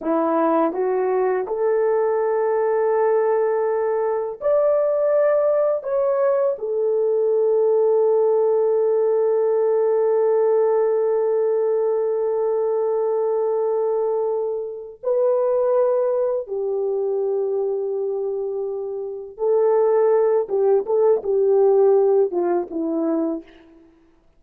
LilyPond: \new Staff \with { instrumentName = "horn" } { \time 4/4 \tempo 4 = 82 e'4 fis'4 a'2~ | a'2 d''2 | cis''4 a'2.~ | a'1~ |
a'1~ | a'8 b'2 g'4.~ | g'2~ g'8 a'4. | g'8 a'8 g'4. f'8 e'4 | }